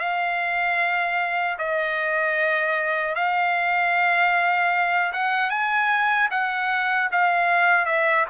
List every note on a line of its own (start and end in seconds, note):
0.00 1.58 F5
1.59 3.15 D#5
3.15 5.13 F5
5.13 5.50 F#5
5.50 6.29 G#5
6.31 7.10 F#5
7.12 7.86 F5
7.86 8.26 E5